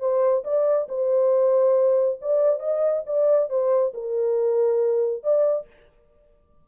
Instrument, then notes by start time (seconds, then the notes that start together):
horn
0.00 C5
0.44 D5
0.89 C5
2.21 D5
2.60 D#5
3.06 D5
3.50 C5
3.94 A#4
5.23 D5